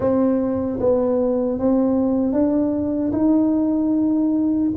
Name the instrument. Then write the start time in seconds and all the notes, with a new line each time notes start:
tuba
0.00 C4
0.80 B3
1.58 C4
2.33 D4
3.12 D#4